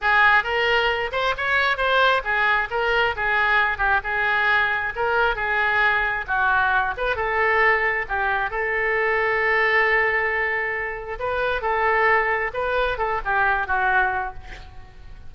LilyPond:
\new Staff \with { instrumentName = "oboe" } { \time 4/4 \tempo 4 = 134 gis'4 ais'4. c''8 cis''4 | c''4 gis'4 ais'4 gis'4~ | gis'8 g'8 gis'2 ais'4 | gis'2 fis'4. b'8 |
a'2 g'4 a'4~ | a'1~ | a'4 b'4 a'2 | b'4 a'8 g'4 fis'4. | }